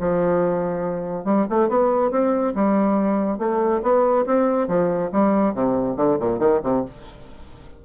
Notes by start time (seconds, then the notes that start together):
0.00 F3
1.25 G3
1.50 A3
1.69 B3
2.11 C4
2.55 G3
3.39 A3
3.83 B3
4.26 C4
4.68 F3
5.12 G3
5.54 C3
5.97 D3
6.20 A#2
6.39 D#3
6.64 C3